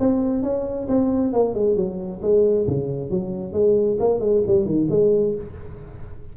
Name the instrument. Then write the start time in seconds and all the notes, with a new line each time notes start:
tuba
0.00 C4
0.43 C#4
0.88 C4
1.33 A#3
1.54 G#3
1.76 F#3
2.22 G#3
2.67 C#3
3.11 F#3
3.53 G#3
4.00 A#3
4.20 G#3
4.47 G3
4.66 D#3
4.91 G#3